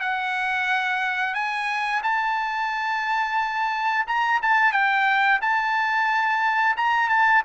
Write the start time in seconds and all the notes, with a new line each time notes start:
0.00 F#5
1.34 G#5
2.03 A5
4.07 A#5
4.42 A5
4.72 G5
5.41 A5
6.77 A#5
7.09 A5